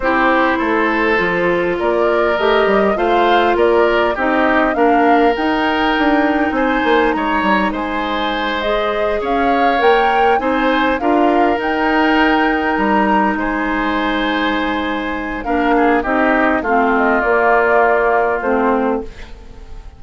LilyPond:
<<
  \new Staff \with { instrumentName = "flute" } { \time 4/4 \tempo 4 = 101 c''2. d''4 | dis''4 f''4 d''4 dis''4 | f''4 g''2 gis''4 | ais''4 gis''4. dis''4 f''8~ |
f''8 g''4 gis''4 f''4 g''8~ | g''4. ais''4 gis''4.~ | gis''2 f''4 dis''4 | f''8 dis''8 d''2 c''4 | }
  \new Staff \with { instrumentName = "oboe" } { \time 4/4 g'4 a'2 ais'4~ | ais'4 c''4 ais'4 g'4 | ais'2. c''4 | cis''4 c''2~ c''8 cis''8~ |
cis''4. c''4 ais'4.~ | ais'2~ ais'8 c''4.~ | c''2 ais'8 gis'8 g'4 | f'1 | }
  \new Staff \with { instrumentName = "clarinet" } { \time 4/4 e'2 f'2 | g'4 f'2 dis'4 | d'4 dis'2.~ | dis'2~ dis'8 gis'4.~ |
gis'8 ais'4 dis'4 f'4 dis'8~ | dis'1~ | dis'2 d'4 dis'4 | c'4 ais2 c'4 | }
  \new Staff \with { instrumentName = "bassoon" } { \time 4/4 c'4 a4 f4 ais4 | a8 g8 a4 ais4 c'4 | ais4 dis'4 d'4 c'8 ais8 | gis8 g8 gis2~ gis8 cis'8~ |
cis'8 ais4 c'4 d'4 dis'8~ | dis'4. g4 gis4.~ | gis2 ais4 c'4 | a4 ais2 a4 | }
>>